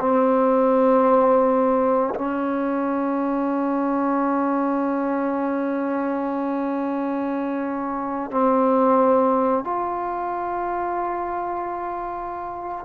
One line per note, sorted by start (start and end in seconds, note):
0.00 2.14 C4
2.15 8.31 C#4
8.31 9.64 C4
9.64 12.85 F4